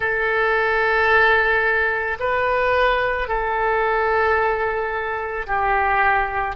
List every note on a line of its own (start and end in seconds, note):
0.00 2.17 A4
2.19 3.28 B4
3.28 5.46 A4
5.46 6.55 G4